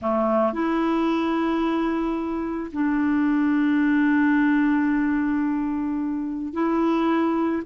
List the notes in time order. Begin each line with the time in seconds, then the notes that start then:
0.01 A3
0.53 E4
2.72 D4
6.53 E4